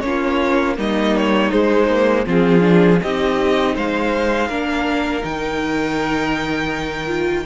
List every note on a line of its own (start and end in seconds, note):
0.00 0.77 A#3
0.00 0.77 C#4
0.00 0.74 C#5
0.06 0.77 F4
0.77 1.51 G3
0.77 1.51 A#3
0.77 2.25 D#4
0.77 1.16 D#5
1.16 1.51 C#5
1.51 1.88 G#3
1.51 2.26 G#3
1.51 2.25 C5
1.89 2.26 A#3
2.25 3.00 F3
2.25 2.60 C4
2.25 2.99 F4
2.25 3.02 G#4
2.60 2.98 D4
3.02 3.76 C4
3.02 4.50 D#4
3.02 3.75 G4
3.02 3.76 D#5
3.75 4.48 G#3
3.75 4.48 C5
3.75 5.24 F5
4.48 5.23 A#3
4.48 5.21 D4
4.48 7.44 A#4
5.21 7.45 D#3
5.21 7.07 D#4
5.21 7.45 G5
7.07 7.44 F4